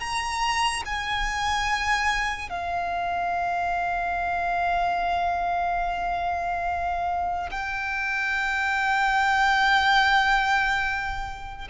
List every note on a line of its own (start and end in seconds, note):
0.00 0.83 A#5
0.86 2.50 G#5
2.50 7.50 F5
7.52 11.68 G5